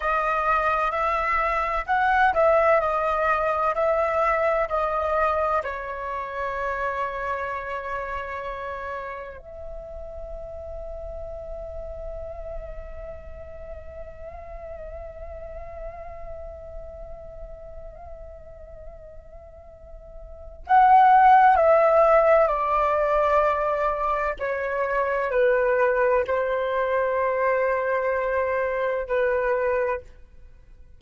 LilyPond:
\new Staff \with { instrumentName = "flute" } { \time 4/4 \tempo 4 = 64 dis''4 e''4 fis''8 e''8 dis''4 | e''4 dis''4 cis''2~ | cis''2 e''2~ | e''1~ |
e''1~ | e''2 fis''4 e''4 | d''2 cis''4 b'4 | c''2. b'4 | }